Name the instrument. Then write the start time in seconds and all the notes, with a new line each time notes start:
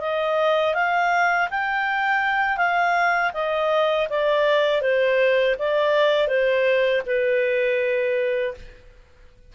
clarinet
0.00 D#5
0.74 F5
1.50 G5
2.57 F5
3.34 D#5
4.09 D5
4.81 C5
5.58 D5
6.27 C5
7.06 B4